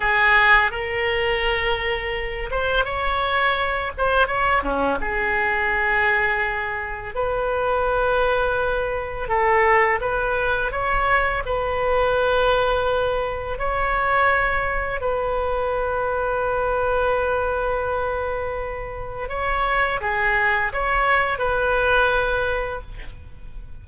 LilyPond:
\new Staff \with { instrumentName = "oboe" } { \time 4/4 \tempo 4 = 84 gis'4 ais'2~ ais'8 c''8 | cis''4. c''8 cis''8 cis'8 gis'4~ | gis'2 b'2~ | b'4 a'4 b'4 cis''4 |
b'2. cis''4~ | cis''4 b'2.~ | b'2. cis''4 | gis'4 cis''4 b'2 | }